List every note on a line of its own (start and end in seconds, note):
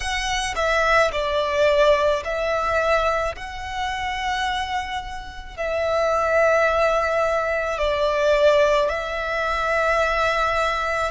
0.00 0.54 F#5
0.55 1.11 E5
1.12 2.23 D5
2.24 3.35 E5
3.35 5.57 F#5
5.57 7.78 E5
7.78 8.89 D5
8.89 11.11 E5